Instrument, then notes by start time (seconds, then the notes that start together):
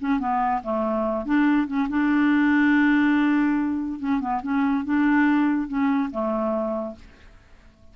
clarinet
0.00 C#4
0.20 B3
0.63 A3
1.25 D4
1.67 C#4
1.89 D4
3.99 C#4
4.20 B3
4.43 C#4
4.85 D4
5.68 C#4
6.11 A3